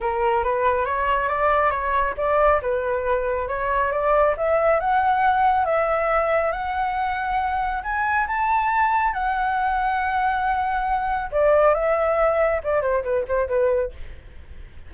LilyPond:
\new Staff \with { instrumentName = "flute" } { \time 4/4 \tempo 4 = 138 ais'4 b'4 cis''4 d''4 | cis''4 d''4 b'2 | cis''4 d''4 e''4 fis''4~ | fis''4 e''2 fis''4~ |
fis''2 gis''4 a''4~ | a''4 fis''2.~ | fis''2 d''4 e''4~ | e''4 d''8 c''8 b'8 c''8 b'4 | }